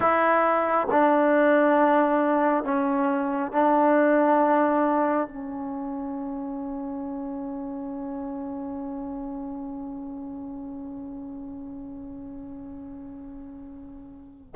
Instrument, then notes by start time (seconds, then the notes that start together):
trombone
0.00 E4
0.91 D4
2.64 C#4
3.52 D4
5.27 C#4